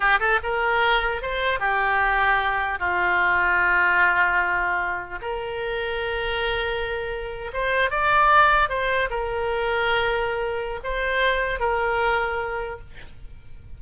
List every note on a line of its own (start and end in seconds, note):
0.00 0.19 G4
0.19 0.39 A4
0.43 1.21 A#4
1.21 1.59 C5
1.59 2.79 G4
2.79 5.19 F4
5.21 7.51 A#4
7.53 7.90 C5
7.90 8.69 D5
8.69 9.09 C5
9.10 10.80 A#4
10.83 11.59 C5
11.59 12.79 A#4